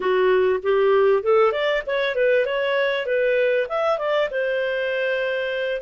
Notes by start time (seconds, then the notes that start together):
0.00 F#4
0.62 G4
1.22 A4
1.51 D5
1.86 C#5
2.15 B4
2.45 C#5
3.06 B4
3.68 E5
3.98 D5
4.30 C5